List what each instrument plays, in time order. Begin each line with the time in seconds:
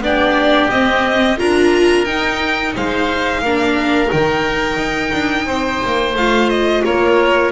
0.00 double bass B3, viola D4, oboe G4, violin D5
0.71 double bass C4, viola C4, violin D#5
1.38 double bass D4, viola F4, oboe A#4, violin A#5
2.05 double bass D#4, viola D#4, violin G5
2.76 double bass G#3, oboe C5, violin F5
3.42 double bass A#3, viola D4, oboe A#4
4.08 double bass D#3, viola D#4, violin G5
4.77 double bass D#4
5.13 double bass D4
5.46 double bass C4, oboe C5
5.86 double bass A#3
6.14 double bass A3, viola F4, violin F5
6.50 violin D#5
6.85 double bass A#3, oboe A#4, violin C#5